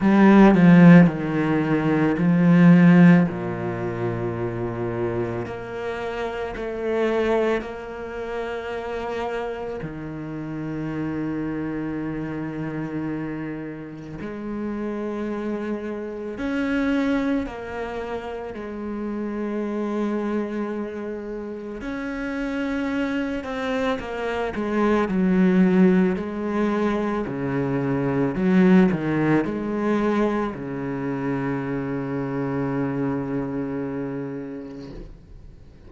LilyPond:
\new Staff \with { instrumentName = "cello" } { \time 4/4 \tempo 4 = 55 g8 f8 dis4 f4 ais,4~ | ais,4 ais4 a4 ais4~ | ais4 dis2.~ | dis4 gis2 cis'4 |
ais4 gis2. | cis'4. c'8 ais8 gis8 fis4 | gis4 cis4 fis8 dis8 gis4 | cis1 | }